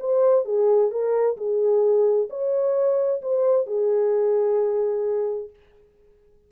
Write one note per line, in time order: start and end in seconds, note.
0.00 0.46 C5
0.46 0.91 G#4
0.91 1.37 A#4
1.37 2.29 G#4
2.30 3.22 C#5
3.22 3.67 C5
3.67 5.50 G#4